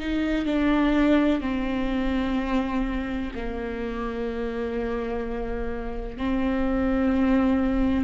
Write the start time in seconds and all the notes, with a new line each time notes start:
0.00 D#4
0.46 D4
1.42 C4
3.36 A#3
6.18 C4